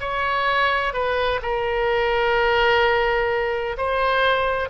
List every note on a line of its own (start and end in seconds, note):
0.00 0.93 C#5
0.93 1.40 B4
1.42 3.76 A#4
3.77 4.69 C5